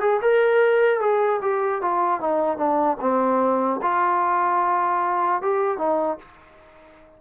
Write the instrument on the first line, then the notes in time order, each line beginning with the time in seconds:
trombone
0.00 G#4
0.21 A#4
1.00 G#4
1.41 G4
1.81 F4
2.20 D#4
2.57 D4
3.00 C4
3.81 F4
5.41 G4
5.77 D#4